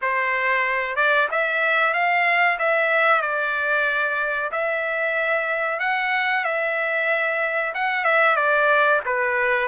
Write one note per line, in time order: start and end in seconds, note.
0.01 0.96 C5
0.96 1.28 D5
1.31 1.93 E5
1.93 2.57 F5
2.58 3.21 E5
3.21 4.50 D5
4.51 5.79 E5
5.79 6.44 F#5
6.44 7.73 E5
7.74 8.04 F#5
8.04 8.36 E5
8.36 9.00 D5
9.05 9.68 B4